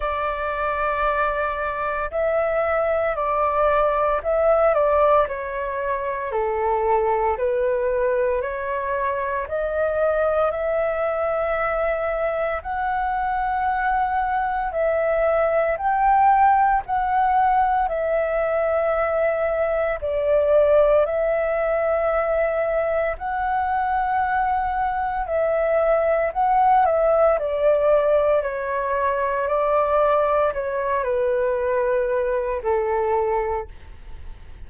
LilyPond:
\new Staff \with { instrumentName = "flute" } { \time 4/4 \tempo 4 = 57 d''2 e''4 d''4 | e''8 d''8 cis''4 a'4 b'4 | cis''4 dis''4 e''2 | fis''2 e''4 g''4 |
fis''4 e''2 d''4 | e''2 fis''2 | e''4 fis''8 e''8 d''4 cis''4 | d''4 cis''8 b'4. a'4 | }